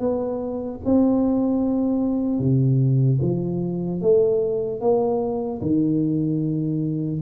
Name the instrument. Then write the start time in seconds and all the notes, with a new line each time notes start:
tuba
0.00 B3
0.85 C4
2.39 C3
3.22 F3
4.02 A3
4.81 A#3
5.62 D#3